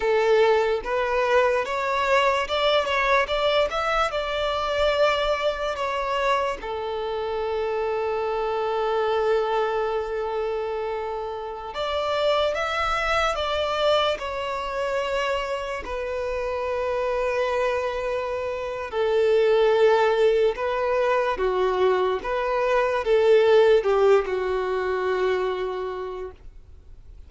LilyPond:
\new Staff \with { instrumentName = "violin" } { \time 4/4 \tempo 4 = 73 a'4 b'4 cis''4 d''8 cis''8 | d''8 e''8 d''2 cis''4 | a'1~ | a'2~ a'16 d''4 e''8.~ |
e''16 d''4 cis''2 b'8.~ | b'2. a'4~ | a'4 b'4 fis'4 b'4 | a'4 g'8 fis'2~ fis'8 | }